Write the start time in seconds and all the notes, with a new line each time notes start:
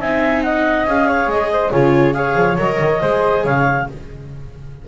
0.00 C4 D#4 E5 G#5
0.42 D#5 F#5
0.85 C#4 G#4 F5
1.07 C#5
1.27 G#3 D#5
1.52 C5
1.70 C#3 F4 G#4 C#5
2.13 G#4 C#5 F5
2.35 F3
2.57 F#3 A#4 D#5
2.79 D#3
3.00 G#3 G#4 C5
3.43 C#3 C#5 F5